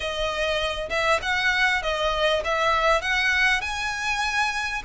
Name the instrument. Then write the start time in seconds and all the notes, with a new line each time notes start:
violin
0.00 D#5
0.89 E5
1.21 F#5
1.82 D#5
2.44 E5
3.01 F#5
3.61 G#5